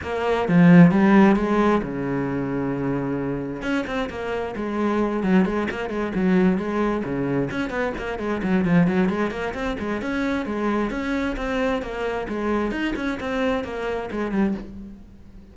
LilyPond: \new Staff \with { instrumentName = "cello" } { \time 4/4 \tempo 4 = 132 ais4 f4 g4 gis4 | cis1 | cis'8 c'8 ais4 gis4. fis8 | gis8 ais8 gis8 fis4 gis4 cis8~ |
cis8 cis'8 b8 ais8 gis8 fis8 f8 fis8 | gis8 ais8 c'8 gis8 cis'4 gis4 | cis'4 c'4 ais4 gis4 | dis'8 cis'8 c'4 ais4 gis8 g8 | }